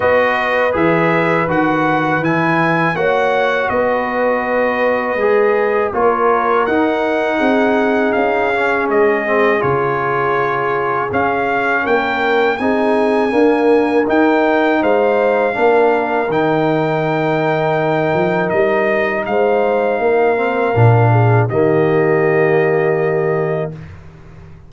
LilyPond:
<<
  \new Staff \with { instrumentName = "trumpet" } { \time 4/4 \tempo 4 = 81 dis''4 e''4 fis''4 gis''4 | fis''4 dis''2. | cis''4 fis''2 f''4 | dis''4 cis''2 f''4 |
g''4 gis''2 g''4 | f''2 g''2~ | g''4 dis''4 f''2~ | f''4 dis''2. | }
  \new Staff \with { instrumentName = "horn" } { \time 4/4 b'1 | cis''4 b'2. | ais'2 gis'2~ | gis'1 |
ais'4 gis'4 ais'2 | c''4 ais'2.~ | ais'2 c''4 ais'4~ | ais'8 gis'8 g'2. | }
  \new Staff \with { instrumentName = "trombone" } { \time 4/4 fis'4 gis'4 fis'4 e'4 | fis'2. gis'4 | f'4 dis'2~ dis'8 cis'8~ | cis'8 c'8 f'2 cis'4~ |
cis'4 dis'4 ais4 dis'4~ | dis'4 d'4 dis'2~ | dis'2.~ dis'8 c'8 | d'4 ais2. | }
  \new Staff \with { instrumentName = "tuba" } { \time 4/4 b4 e4 dis4 e4 | ais4 b2 gis4 | ais4 dis'4 c'4 cis'4 | gis4 cis2 cis'4 |
ais4 c'4 d'4 dis'4 | gis4 ais4 dis2~ | dis8 f8 g4 gis4 ais4 | ais,4 dis2. | }
>>